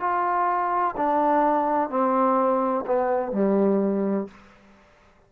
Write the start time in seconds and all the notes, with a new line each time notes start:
0.00 F4
0.97 D4
1.90 C4
2.86 B3
3.32 G3